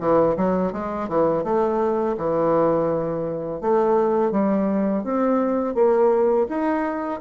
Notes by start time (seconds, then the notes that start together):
0.00 E3
0.37 F#3
0.73 G#3
1.09 E3
1.44 A3
2.18 E3
3.61 A3
4.31 G3
5.04 C4
5.75 A#3
6.49 D#4